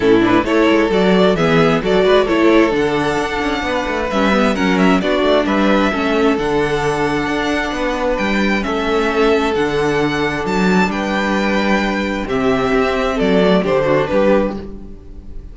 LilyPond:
<<
  \new Staff \with { instrumentName = "violin" } { \time 4/4 \tempo 4 = 132 a'8 b'8 cis''4 d''4 e''4 | d''4 cis''4 fis''2~ | fis''4 e''4 fis''8 e''8 d''4 | e''2 fis''2~ |
fis''2 g''4 e''4~ | e''4 fis''2 a''4 | g''2. e''4~ | e''4 d''4 c''4 b'4 | }
  \new Staff \with { instrumentName = "violin" } { \time 4/4 e'4 a'2 gis'4 | a'8 b'8 a'2. | b'2 ais'4 fis'4 | b'4 a'2.~ |
a'4 b'2 a'4~ | a'1 | b'2. g'4~ | g'4 a'4 g'8 fis'8 g'4 | }
  \new Staff \with { instrumentName = "viola" } { \time 4/4 cis'8 d'8 e'4 fis'4 b4 | fis'4 e'4 d'2~ | d'4 cis'8 b8 cis'4 d'4~ | d'4 cis'4 d'2~ |
d'2. cis'4~ | cis'4 d'2.~ | d'2. c'4~ | c'4. a8 d'2 | }
  \new Staff \with { instrumentName = "cello" } { \time 4/4 a,4 a8 gis8 fis4 e4 | fis8 gis8 a4 d4 d'8 cis'8 | b8 a8 g4 fis4 b8 a8 | g4 a4 d2 |
d'4 b4 g4 a4~ | a4 d2 fis4 | g2. c4 | c'4 fis4 d4 g4 | }
>>